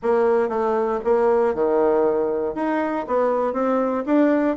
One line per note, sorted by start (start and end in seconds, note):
0.02 0.48 A#3
0.48 0.99 A3
1.04 1.54 A#3
1.54 2.54 D#3
2.54 3.05 D#4
3.07 3.53 B3
3.53 4.04 C4
4.05 4.56 D4